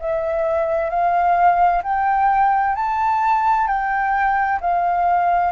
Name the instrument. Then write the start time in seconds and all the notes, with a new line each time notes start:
flute
0.00 E5
0.90 F5
1.83 G5
2.75 A5
3.68 G5
4.61 F5